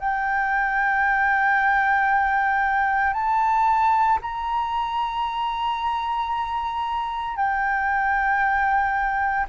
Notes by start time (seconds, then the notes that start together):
0.00 G5
3.13 A5
4.22 A#5
7.37 G5